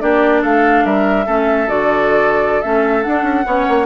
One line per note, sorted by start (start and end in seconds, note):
0.00 0.44 A#3
0.00 1.26 D4
0.00 0.42 G4
0.00 0.43 D5
0.42 0.85 A3
0.42 0.84 A4
0.42 0.86 F5
0.85 1.27 G3
0.85 1.26 A#4
0.85 1.70 E5
1.26 1.69 A3
1.26 1.68 C#4
1.26 3.47 A4
1.68 2.63 D3
1.68 2.62 F#4
1.68 2.62 D5
2.62 3.06 A3
2.62 3.03 C#4
2.62 3.03 E5
3.03 3.45 D4
3.03 3.23 D4
3.03 3.87 F#5
3.23 3.44 C#4
3.45 3.68 B3
3.45 3.87 C#4
3.45 3.87 C#5
3.69 3.87 A#3